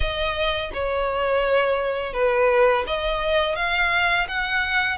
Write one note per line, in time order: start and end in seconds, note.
0.00 0.70 D#5
0.73 2.13 C#5
2.13 2.84 B4
2.86 3.55 D#5
3.55 4.27 F5
4.28 4.97 F#5